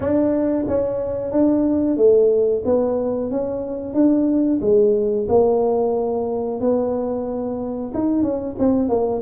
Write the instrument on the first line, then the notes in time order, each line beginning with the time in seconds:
tuba
0.00 D4
0.67 C#4
1.31 D4
1.96 A3
2.65 B3
3.30 C#4
3.94 D4
4.61 G#3
5.28 A#3
6.60 B3
7.93 D#4
8.22 C#4
8.58 C4
8.89 A#3